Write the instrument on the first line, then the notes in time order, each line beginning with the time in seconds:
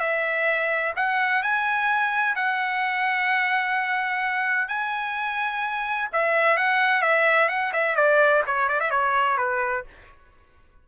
trumpet
0.00 E5
0.97 F#5
1.43 G#5
2.36 F#5
4.68 G#5
6.13 E5
6.57 F#5
7.02 E5
7.49 F#5
7.73 E5
7.96 D5
8.47 C#5
8.69 D5
8.80 E5
8.91 C#5
9.38 B4